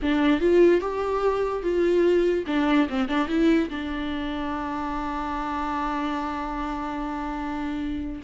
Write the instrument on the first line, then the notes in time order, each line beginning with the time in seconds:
viola
0.01 D4
0.40 F4
0.81 G4
1.62 F4
2.47 D4
2.89 C4
3.08 D4
3.28 E4
3.69 D4